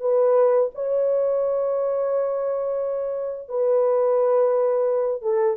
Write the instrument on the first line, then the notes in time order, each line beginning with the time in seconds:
horn
0.00 B4
0.74 C#5
3.48 B4
5.22 A4